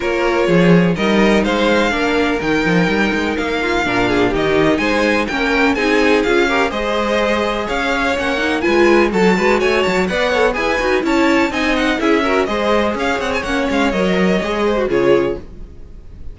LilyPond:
<<
  \new Staff \with { instrumentName = "violin" } { \time 4/4 \tempo 4 = 125 cis''2 dis''4 f''4~ | f''4 g''2 f''4~ | f''4 dis''4 gis''4 g''4 | gis''4 f''4 dis''2 |
f''4 fis''4 gis''4 a''4 | gis''8 a''8 fis''4 gis''4 a''4 | gis''8 fis''8 e''4 dis''4 f''8 fis''16 gis''16 | fis''8 f''8 dis''2 cis''4 | }
  \new Staff \with { instrumentName = "violin" } { \time 4/4 ais'4 gis'4 ais'4 c''4 | ais'2.~ ais'8 f'8 | ais'8 gis'8 g'4 c''4 ais'4 | gis'4. ais'8 c''2 |
cis''2 b'4 a'8 b'8 | cis''4 d''8 cis''8 b'4 cis''4 | dis''4 gis'8 ais'8 c''4 cis''4~ | cis''2~ cis''8 c''8 gis'4 | }
  \new Staff \with { instrumentName = "viola" } { \time 4/4 f'2 dis'2 | d'4 dis'2. | d'4 dis'2 cis'4 | dis'4 f'8 g'8 gis'2~ |
gis'4 cis'8 dis'8 f'4 fis'4~ | fis'4 b'8 a'8 gis'8 fis'8 e'4 | dis'4 e'8 fis'8 gis'2 | cis'4 ais'4 gis'8. fis'16 f'4 | }
  \new Staff \with { instrumentName = "cello" } { \time 4/4 ais4 f4 g4 gis4 | ais4 dis8 f8 g8 gis8 ais4 | ais,4 dis4 gis4 ais4 | c'4 cis'4 gis2 |
cis'4 ais4 gis4 fis8 gis8 | a8 fis8 b4 e'8 dis'8 cis'4 | c'4 cis'4 gis4 cis'8 c'8 | ais8 gis8 fis4 gis4 cis4 | }
>>